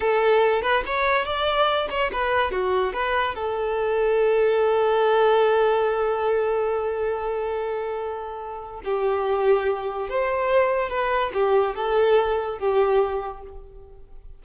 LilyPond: \new Staff \with { instrumentName = "violin" } { \time 4/4 \tempo 4 = 143 a'4. b'8 cis''4 d''4~ | d''8 cis''8 b'4 fis'4 b'4 | a'1~ | a'1~ |
a'1~ | a'4 g'2. | c''2 b'4 g'4 | a'2 g'2 | }